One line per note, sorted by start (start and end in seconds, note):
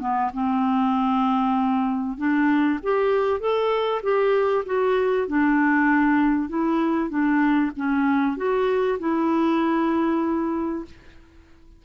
0.00 0.31 B3
0.34 2.18 C4
2.18 2.79 D4
2.83 3.40 G4
3.40 4.02 A4
4.03 4.65 G4
4.66 5.27 F#4
5.28 6.49 D4
6.49 7.10 E4
7.10 7.72 D4
7.76 8.37 C#4
8.37 8.99 F#4
8.99 10.85 E4